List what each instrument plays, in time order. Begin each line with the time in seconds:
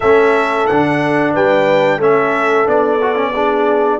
0.00 tuba A3, trombone C#4, horn A4, trumpet E5
0.66 tuba D3, trombone D4, trumpet F#5
1.33 tuba G3, horn B4, trumpet G5
1.97 tuba A3, trombone C#4, horn A4, trumpet E5
2.65 tuba B3, trombone D4, trumpet D5
3.01 trombone F#4
3.15 trombone C#4
3.33 trombone D4, horn G#4